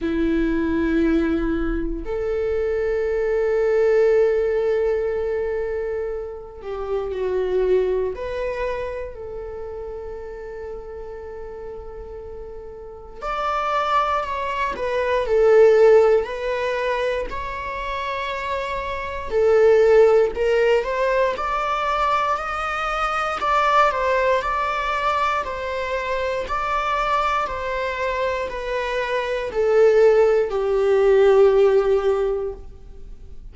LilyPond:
\new Staff \with { instrumentName = "viola" } { \time 4/4 \tempo 4 = 59 e'2 a'2~ | a'2~ a'8 g'8 fis'4 | b'4 a'2.~ | a'4 d''4 cis''8 b'8 a'4 |
b'4 cis''2 a'4 | ais'8 c''8 d''4 dis''4 d''8 c''8 | d''4 c''4 d''4 c''4 | b'4 a'4 g'2 | }